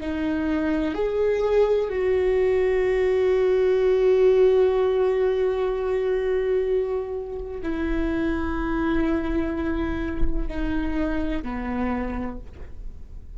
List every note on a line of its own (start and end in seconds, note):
0.00 0.94 D#4
0.94 1.89 G#4
1.89 7.60 F#4
7.62 10.48 E4
10.48 11.42 D#4
11.42 12.38 B3